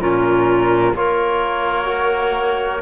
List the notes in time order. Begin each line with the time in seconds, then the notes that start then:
0.00 A#2 C#4 F4 A#4
0.95 A#3 F4 A#4 C#5
1.86 F#4